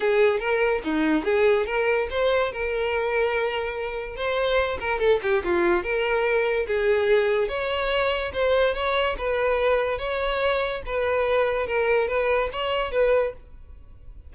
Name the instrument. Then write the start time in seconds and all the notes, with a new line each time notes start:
violin
0.00 G#4
0.39 A#4
0.83 D#4
1.24 G#4
1.66 A#4
2.10 C5
2.52 A#4
4.16 C5
4.80 A#4
4.99 A4
5.22 G4
5.44 F4
5.83 A#4
6.67 G#4
7.48 C#5
8.33 C5
8.74 C#5
9.17 B4
9.98 C#5
10.85 B4
11.67 A#4
12.08 B4
12.52 C#5
12.91 B4